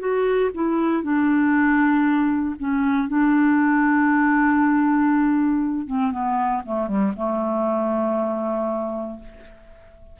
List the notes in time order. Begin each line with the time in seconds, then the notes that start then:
0.00 F#4
0.55 E4
1.03 D4
2.59 C#4
3.08 D4
5.87 C4
6.12 B3
6.66 A3
6.88 G3
7.16 A3